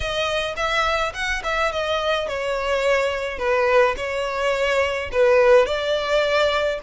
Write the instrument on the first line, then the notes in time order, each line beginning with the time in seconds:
violin
0.00 D#5
0.56 E5
1.14 F#5
1.43 E5
1.72 D#5
2.27 C#5
3.38 B4
3.96 C#5
5.11 B4
5.66 D5